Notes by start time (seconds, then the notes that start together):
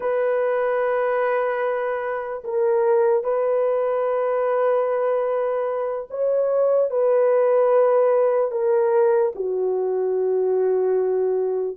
0.00 B4
2.43 A#4
3.23 B4
6.10 C#5
6.90 B4
8.51 A#4
9.35 F#4